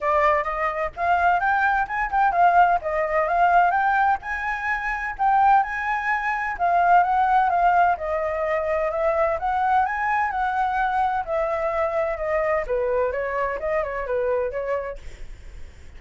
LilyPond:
\new Staff \with { instrumentName = "flute" } { \time 4/4 \tempo 4 = 128 d''4 dis''4 f''4 g''4 | gis''8 g''8 f''4 dis''4 f''4 | g''4 gis''2 g''4 | gis''2 f''4 fis''4 |
f''4 dis''2 e''4 | fis''4 gis''4 fis''2 | e''2 dis''4 b'4 | cis''4 dis''8 cis''8 b'4 cis''4 | }